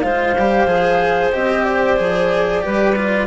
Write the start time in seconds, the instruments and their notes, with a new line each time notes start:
0.00 bassoon G#3, cello F4, clarinet C5, flute F5
0.37 bassoon G3, cello G4
0.65 bassoon F3, cello G#4
1.32 bassoon C4, cello G4, flute D#5
1.64 flute D5
1.97 bassoon F3, cello G#4
2.61 bassoon G3, cello G4, clarinet B4
2.95 cello F4